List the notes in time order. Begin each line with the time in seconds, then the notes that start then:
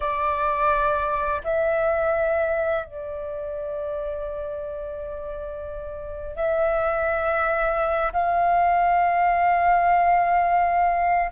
0.00 D5
1.43 E5
2.85 D5
6.36 E5
8.12 F5